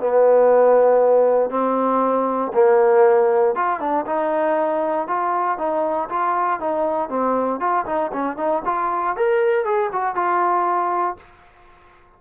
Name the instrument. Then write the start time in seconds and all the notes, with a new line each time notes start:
trombone
0.00 B3
1.50 C4
2.54 A#3
3.55 F4
3.80 D4
4.06 D#4
5.07 F4
5.58 D#4
6.09 F4
6.60 D#4
7.09 C4
7.60 F4
7.86 D#4
8.12 C#4
8.37 D#4
8.65 F4
9.16 A#4
9.65 G#4
9.92 F#4
10.15 F4